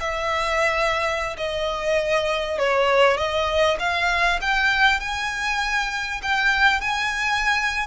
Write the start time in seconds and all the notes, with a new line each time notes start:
0.00 E5
1.37 D#5
2.58 C#5
3.17 D#5
3.79 F5
4.41 G5
5.00 G#5
6.22 G5
6.80 G#5